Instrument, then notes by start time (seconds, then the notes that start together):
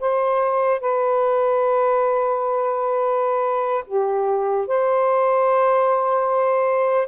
saxophone
0.00 C5
0.80 B4
3.87 G4
4.67 C5